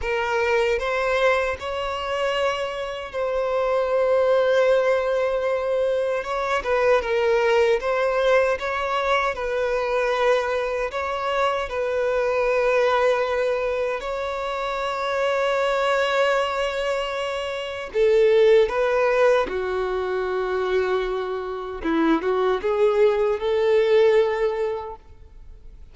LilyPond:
\new Staff \with { instrumentName = "violin" } { \time 4/4 \tempo 4 = 77 ais'4 c''4 cis''2 | c''1 | cis''8 b'8 ais'4 c''4 cis''4 | b'2 cis''4 b'4~ |
b'2 cis''2~ | cis''2. a'4 | b'4 fis'2. | e'8 fis'8 gis'4 a'2 | }